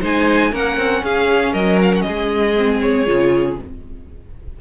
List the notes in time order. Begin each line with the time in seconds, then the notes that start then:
0.00 G#3 D#4 C5 G#5
0.51 A#3 C#4 A#4 F#5
0.77 C4
1.03 C#4 G#4 F5
1.52 F#3 A#4 D#5
1.82 F5
1.95 F#5
2.01 D#5
2.08 G#3 G#4
2.57 C4
2.81 C#5
3.06 C#3 F4